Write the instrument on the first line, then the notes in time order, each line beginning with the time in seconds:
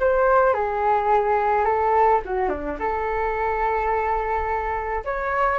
flute
0.00 C5
0.54 G#4
1.65 A4
2.25 F#4
2.49 D4
2.80 A4
5.04 C#5